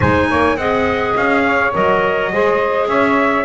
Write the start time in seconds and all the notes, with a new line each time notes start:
0.00 G#3 D#4 C5 G#5
0.28 A#3 C#5
0.56 C4 G#4 D#5 F#5
1.16 C#4 F5
1.45 C#5
1.73 F#3 A#4 D#5
2.32 G#3 G#4 C5
2.86 C#4 C#5 E5